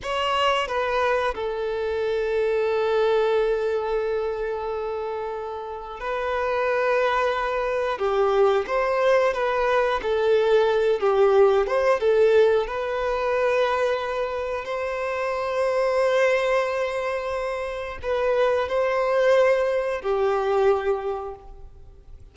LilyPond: \new Staff \with { instrumentName = "violin" } { \time 4/4 \tempo 4 = 90 cis''4 b'4 a'2~ | a'1~ | a'4 b'2. | g'4 c''4 b'4 a'4~ |
a'8 g'4 c''8 a'4 b'4~ | b'2 c''2~ | c''2. b'4 | c''2 g'2 | }